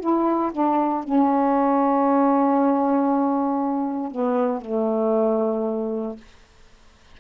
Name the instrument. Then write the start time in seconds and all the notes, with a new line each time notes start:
saxophone
0.00 E4
0.52 D4
1.04 C#4
4.11 B3
4.62 A3